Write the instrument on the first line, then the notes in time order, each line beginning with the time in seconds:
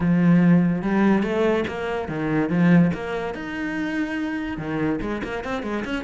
cello
0.00 F3
0.81 G3
1.23 A3
1.67 A#3
2.08 D#3
2.49 F3
2.94 A#3
3.34 D#4
4.57 D#3
5.01 G#3
5.23 A#3
5.44 C4
5.62 G#3
5.84 C#4